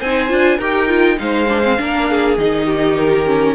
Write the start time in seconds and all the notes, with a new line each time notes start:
0.00 C4 D#4 C5 G#5
0.29 D4 F4
0.58 D#4 G4 A#4 G5
0.88 F4
1.17 G#3 D#4 C5 F5
1.49 D4
1.63 C4
1.78 A#3 D4 A#4
2.10 G#4
2.37 D#3 D#4 D#5
2.66 G4
2.98 A#4
3.26 C#4